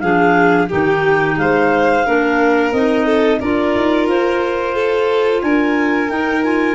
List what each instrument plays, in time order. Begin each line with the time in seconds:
0.00 tuba F3, clarinet D4 F5, violin G#4
0.69 tuba D#3, clarinet D#4 G5, violin G4
1.37 tuba G#3, violin C5, clarinet F5
2.06 tuba A#3, clarinet D4, violin A#4
2.73 tuba C4, clarinet D#4 D#5
3.06 violin A4
3.40 tuba D4, clarinet F4 D5, violin A#4
3.76 tuba D#4
4.08 tuba F4, clarinet C5
4.75 violin A4
5.42 tuba D4, violin A#4, clarinet G#5
6.09 clarinet D#4 G5, tuba D#4
6.43 clarinet F4 G#5